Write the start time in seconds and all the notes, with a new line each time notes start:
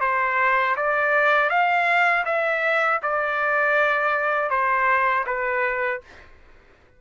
0.00 C5
0.76 D5
1.49 F5
2.25 E5
3.02 D5
4.50 C5
5.26 B4